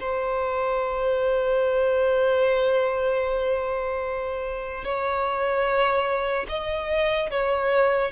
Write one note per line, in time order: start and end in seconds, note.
0.00 4.84 C5
4.84 6.46 C#5
6.49 7.30 D#5
7.30 8.12 C#5